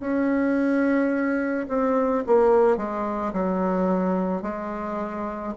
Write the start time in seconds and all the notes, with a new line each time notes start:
0.00 C#4
1.68 C4
2.26 A#3
2.77 G#3
3.33 F#3
4.42 G#3